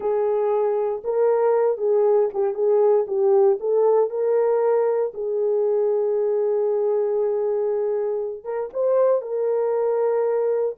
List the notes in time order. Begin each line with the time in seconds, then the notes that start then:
0.00 G#4
1.03 A#4
1.77 G#4
2.33 G4
2.54 G#4
3.07 G4
3.60 A4
4.10 A#4
5.14 G#4
8.44 A#4
8.73 C5
9.21 A#4